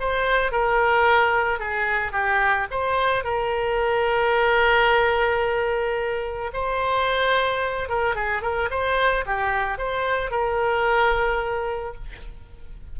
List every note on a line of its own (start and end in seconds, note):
0.00 0.51 C5
0.51 1.59 A#4
1.59 2.12 G#4
2.12 2.67 G4
2.70 3.24 C5
3.24 6.51 A#4
6.53 7.89 C5
7.89 8.15 A#4
8.15 8.42 G#4
8.42 8.69 A#4
8.70 9.25 C5
9.26 9.78 G4
9.78 10.31 C5
10.31 11.95 A#4